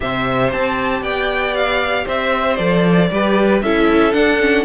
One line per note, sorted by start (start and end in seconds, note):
0.00 0.52 C3
0.00 2.58 G4
0.00 1.03 C5
0.00 0.52 E5
0.52 1.02 C4
0.52 1.03 A5
1.02 2.05 B3
1.02 2.05 D5
1.02 1.54 G5
1.55 2.06 F5
2.05 2.58 C4
2.05 3.08 C5
2.05 2.55 E5
2.55 3.10 F3
2.55 3.10 A4
2.55 3.59 D5
3.11 3.62 G3
3.11 3.63 G4
3.11 3.63 B4
3.62 4.14 C#4
3.62 4.13 E4
3.62 4.64 A4
3.62 4.13 E5
4.13 4.39 D4
4.13 4.64 D4
4.13 4.64 F#5
4.39 4.64 C#4